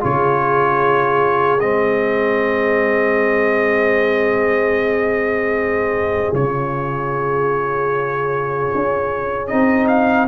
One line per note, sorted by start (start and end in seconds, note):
0.00 1.61 C#3
0.00 1.58 F4
0.00 10.27 G#4
0.00 1.60 C#5
1.60 6.33 G#3
1.60 6.34 C4
1.60 6.33 D#5
6.33 8.70 C#3
6.33 9.49 F4
6.33 9.47 C#5
8.74 9.51 C#4
9.47 10.27 C4
9.47 10.27 D#4
9.47 9.86 D#5
9.87 10.27 F5